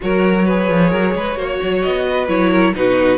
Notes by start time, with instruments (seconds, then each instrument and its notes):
0.00 cello F#3, viola F#4, violin A#4 C#5
0.45 viola G#4, violin B4
0.69 cello F3
0.90 cello F#3, violin A#4
1.15 cello G#3, violin B4
1.35 cello A#3, viola F#4, violin C#5
1.62 cello F#3
1.82 cello B3, violin D#5
2.10 violin B4
2.28 cello F#3, viola E4, violin C#5
2.50 violin A#4
2.75 cello B2, viola D#4, violin F#4 B4